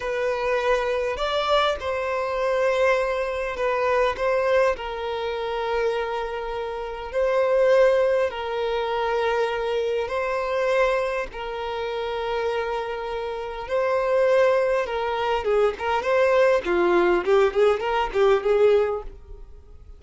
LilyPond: \new Staff \with { instrumentName = "violin" } { \time 4/4 \tempo 4 = 101 b'2 d''4 c''4~ | c''2 b'4 c''4 | ais'1 | c''2 ais'2~ |
ais'4 c''2 ais'4~ | ais'2. c''4~ | c''4 ais'4 gis'8 ais'8 c''4 | f'4 g'8 gis'8 ais'8 g'8 gis'4 | }